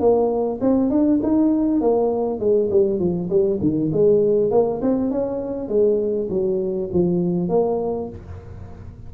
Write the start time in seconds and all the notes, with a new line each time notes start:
0.00 A#3
0.61 C4
0.91 D4
1.23 D#4
1.81 A#3
2.40 G#3
2.71 G3
2.99 F3
3.30 G3
3.61 D#3
3.93 G#3
4.51 A#3
4.82 C4
5.11 C#4
5.69 G#3
6.30 F#3
6.93 F3
7.49 A#3